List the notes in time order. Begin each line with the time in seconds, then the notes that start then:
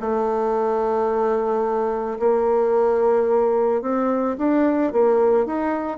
0.00 A3
2.19 A#3
3.82 C4
4.38 D4
4.92 A#3
5.46 D#4